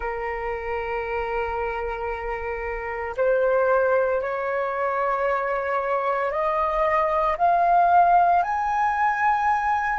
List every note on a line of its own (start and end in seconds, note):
0.00 3.15 A#4
3.16 4.21 C5
4.21 6.31 C#5
6.31 7.36 D#5
7.37 8.42 F5
8.42 9.99 G#5